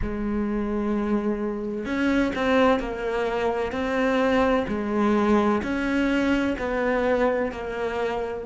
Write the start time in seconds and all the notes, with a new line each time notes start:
0.02 G#3
1.85 C#4
2.35 C4
2.79 A#3
3.72 C4
4.68 G#3
5.62 C#4
6.58 B3
7.51 A#3